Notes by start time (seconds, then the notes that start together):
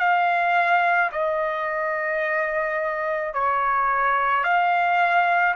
0.00 F5
1.12 D#5
3.34 C#5
4.44 F5